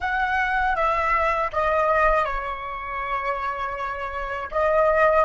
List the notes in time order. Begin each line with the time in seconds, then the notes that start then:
0.00 F#5
0.75 E5
1.52 D#5
2.24 C#5
4.51 D#5